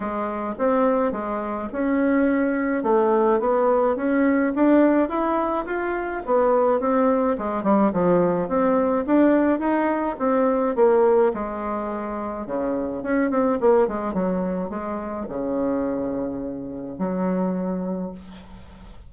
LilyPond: \new Staff \with { instrumentName = "bassoon" } { \time 4/4 \tempo 4 = 106 gis4 c'4 gis4 cis'4~ | cis'4 a4 b4 cis'4 | d'4 e'4 f'4 b4 | c'4 gis8 g8 f4 c'4 |
d'4 dis'4 c'4 ais4 | gis2 cis4 cis'8 c'8 | ais8 gis8 fis4 gis4 cis4~ | cis2 fis2 | }